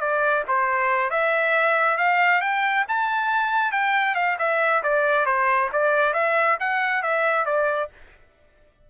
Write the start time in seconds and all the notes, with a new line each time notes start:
0.00 D5
0.48 C5
1.10 E5
1.97 F5
2.41 G5
2.88 A5
3.72 G5
4.15 F5
4.39 E5
4.83 D5
5.26 C5
5.72 D5
6.14 E5
6.60 F#5
7.03 E5
7.45 D5